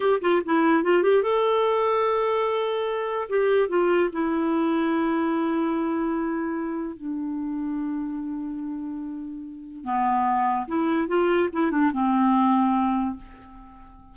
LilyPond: \new Staff \with { instrumentName = "clarinet" } { \time 4/4 \tempo 4 = 146 g'8 f'8 e'4 f'8 g'8 a'4~ | a'1 | g'4 f'4 e'2~ | e'1~ |
e'4 d'2.~ | d'1 | b2 e'4 f'4 | e'8 d'8 c'2. | }